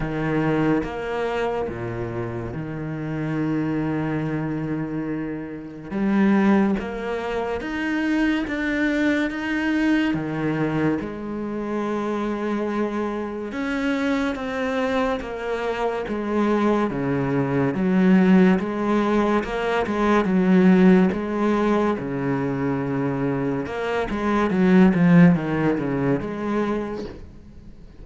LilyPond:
\new Staff \with { instrumentName = "cello" } { \time 4/4 \tempo 4 = 71 dis4 ais4 ais,4 dis4~ | dis2. g4 | ais4 dis'4 d'4 dis'4 | dis4 gis2. |
cis'4 c'4 ais4 gis4 | cis4 fis4 gis4 ais8 gis8 | fis4 gis4 cis2 | ais8 gis8 fis8 f8 dis8 cis8 gis4 | }